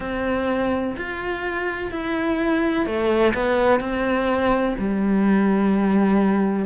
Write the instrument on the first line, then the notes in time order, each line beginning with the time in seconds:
cello
0.00 C4
0.97 F4
1.91 E4
2.86 A3
3.34 B3
3.80 C4
4.78 G3